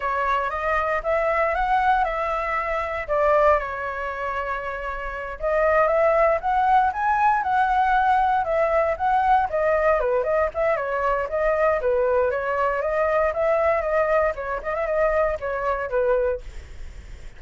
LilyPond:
\new Staff \with { instrumentName = "flute" } { \time 4/4 \tempo 4 = 117 cis''4 dis''4 e''4 fis''4 | e''2 d''4 cis''4~ | cis''2~ cis''8 dis''4 e''8~ | e''8 fis''4 gis''4 fis''4.~ |
fis''8 e''4 fis''4 dis''4 b'8 | dis''8 e''8 cis''4 dis''4 b'4 | cis''4 dis''4 e''4 dis''4 | cis''8 dis''16 e''16 dis''4 cis''4 b'4 | }